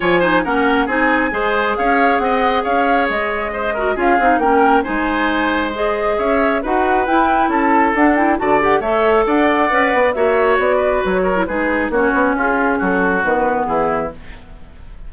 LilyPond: <<
  \new Staff \with { instrumentName = "flute" } { \time 4/4 \tempo 4 = 136 gis''4 fis''4 gis''2 | f''4 fis''4 f''4 dis''4~ | dis''4 f''4 g''4 gis''4~ | gis''4 dis''4 e''4 fis''4 |
g''4 a''4 fis''8 g''8 a''8 fis''8 | e''4 fis''2 e''4 | d''4 cis''4 b'4 cis''4 | gis'4 a'4 b'4 gis'4 | }
  \new Staff \with { instrumentName = "oboe" } { \time 4/4 cis''8 c''8 ais'4 gis'4 c''4 | cis''4 dis''4 cis''2 | c''8 ais'8 gis'4 ais'4 c''4~ | c''2 cis''4 b'4~ |
b'4 a'2 d''4 | cis''4 d''2 cis''4~ | cis''8 b'4 ais'8 gis'4 fis'4 | f'4 fis'2 e'4 | }
  \new Staff \with { instrumentName = "clarinet" } { \time 4/4 f'8 dis'8 cis'4 dis'4 gis'4~ | gis'1~ | gis'8 fis'8 f'8 dis'8 cis'4 dis'4~ | dis'4 gis'2 fis'4 |
e'2 d'8 e'8 fis'8 g'8 | a'2 b'4 fis'4~ | fis'4.~ fis'16 e'16 dis'4 cis'4~ | cis'2 b2 | }
  \new Staff \with { instrumentName = "bassoon" } { \time 4/4 f4 ais4 c'4 gis4 | cis'4 c'4 cis'4 gis4~ | gis4 cis'8 c'8 ais4 gis4~ | gis2 cis'4 dis'4 |
e'4 cis'4 d'4 d4 | a4 d'4 cis'8 b8 ais4 | b4 fis4 gis4 ais8 b8 | cis'4 fis4 dis4 e4 | }
>>